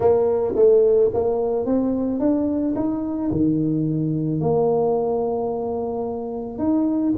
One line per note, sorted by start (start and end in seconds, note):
0.00 0.54 A#3
0.55 1.10 A3
1.13 1.65 A#3
1.65 2.19 C4
2.19 2.74 D4
2.75 3.30 D#4
3.31 4.40 D#3
4.40 6.58 A#3
6.58 7.13 D#4